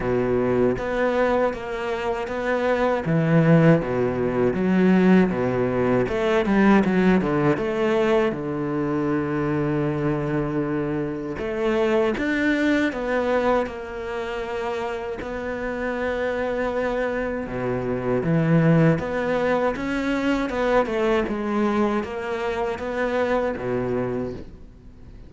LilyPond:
\new Staff \with { instrumentName = "cello" } { \time 4/4 \tempo 4 = 79 b,4 b4 ais4 b4 | e4 b,4 fis4 b,4 | a8 g8 fis8 d8 a4 d4~ | d2. a4 |
d'4 b4 ais2 | b2. b,4 | e4 b4 cis'4 b8 a8 | gis4 ais4 b4 b,4 | }